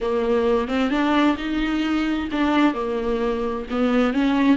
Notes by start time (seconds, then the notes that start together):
0.01 A#3
0.68 C4
0.90 D4
1.37 D#4
2.31 D4
2.74 A#3
3.70 B3
4.13 C#4